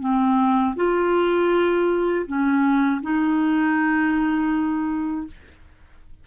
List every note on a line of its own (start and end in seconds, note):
0.00 0.75 C4
0.76 2.26 F4
2.27 3.02 C#4
3.02 5.27 D#4